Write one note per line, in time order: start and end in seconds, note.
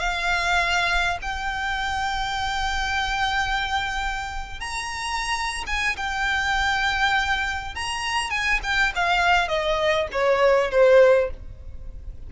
0.00 1.19 F5
1.22 4.61 G5
4.61 5.65 A#5
5.67 5.97 G#5
5.97 7.75 G5
7.76 8.31 A#5
8.31 8.60 G#5
8.64 8.93 G5
8.96 9.49 F5
9.49 10.08 D#5
10.12 10.71 C#5
10.71 11.31 C5